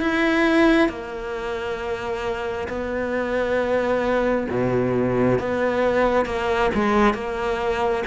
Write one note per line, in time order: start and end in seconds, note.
0.00 0.88 E4
0.88 2.67 A#3
2.68 4.47 B3
4.49 5.39 B2
5.39 6.25 B3
6.25 6.70 A#3
6.74 7.14 G#3
7.14 8.04 A#3